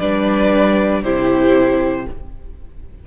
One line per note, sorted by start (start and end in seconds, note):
0.00 1.03 G3
0.00 1.04 D4
0.00 1.02 B4
0.00 1.03 D5
1.02 2.06 C3
1.02 2.08 E4
1.02 2.06 G4
1.02 2.07 C5